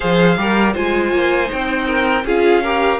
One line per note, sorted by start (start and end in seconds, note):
0.00 0.37 F3
0.00 0.37 G#4
0.00 0.38 C5
0.00 0.74 F5
0.37 0.75 G3
0.37 0.74 G4
0.37 0.73 A#4
0.73 1.12 G#3
0.73 1.46 F4
0.73 1.85 C5
0.73 1.51 G#5
1.12 1.49 A#3
1.46 2.21 D#4
1.46 2.26 G5
1.53 2.24 C4
1.86 2.24 A#4
2.24 2.99 C#4
2.24 2.64 F4
2.24 2.63 G#4
2.24 2.99 F5
2.63 2.99 G4
2.63 2.99 A#4